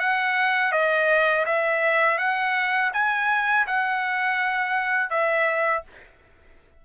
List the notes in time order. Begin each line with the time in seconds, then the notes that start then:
0.00 F#5
0.73 D#5
1.46 E5
2.19 F#5
2.94 G#5
3.67 F#5
5.11 E5